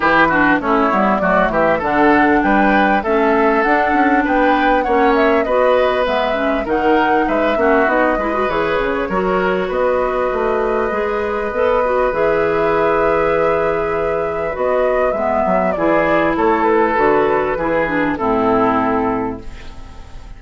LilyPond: <<
  \new Staff \with { instrumentName = "flute" } { \time 4/4 \tempo 4 = 99 b'4 cis''4 d''8 e''8 fis''4 | g''4 e''4 fis''4 g''4 | fis''8 e''8 dis''4 e''4 fis''4 | e''4 dis''4 cis''2 |
dis''1 | e''1 | dis''4 e''4 d''4 cis''8 b'8~ | b'2 a'2 | }
  \new Staff \with { instrumentName = "oboe" } { \time 4/4 g'8 fis'8 e'4 fis'8 g'8 a'4 | b'4 a'2 b'4 | cis''4 b'2 ais'4 | b'8 fis'4 b'4. ais'4 |
b'1~ | b'1~ | b'2 gis'4 a'4~ | a'4 gis'4 e'2 | }
  \new Staff \with { instrumentName = "clarinet" } { \time 4/4 e'8 d'8 cis'8 b8 a4 d'4~ | d'4 cis'4 d'2 | cis'4 fis'4 b8 cis'8 dis'4~ | dis'8 cis'8 dis'8 e'16 fis'16 gis'4 fis'4~ |
fis'2 gis'4 a'8 fis'8 | gis'1 | fis'4 b4 e'2 | fis'4 e'8 d'8 c'2 | }
  \new Staff \with { instrumentName = "bassoon" } { \time 4/4 e4 a8 g8 fis8 e8 d4 | g4 a4 d'8 cis'8 b4 | ais4 b4 gis4 dis4 | gis8 ais8 b8 gis8 e8 cis8 fis4 |
b4 a4 gis4 b4 | e1 | b4 gis8 fis8 e4 a4 | d4 e4 a,2 | }
>>